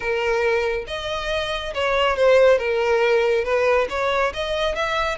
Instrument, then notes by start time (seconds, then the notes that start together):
violin
0.00 A#4
0.87 D#5
1.74 C#5
2.16 C5
2.58 A#4
3.44 B4
3.89 C#5
4.33 D#5
4.75 E5